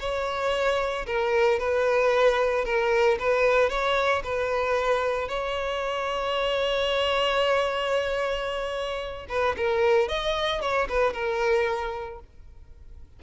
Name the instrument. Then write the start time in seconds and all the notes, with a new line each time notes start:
violin
0.00 C#5
1.07 A#4
1.60 B4
2.65 A#4
3.19 B4
3.70 C#5
4.24 B4
5.29 C#5
9.29 B4
9.57 A#4
10.09 D#5
10.61 C#5
10.89 B4
11.14 A#4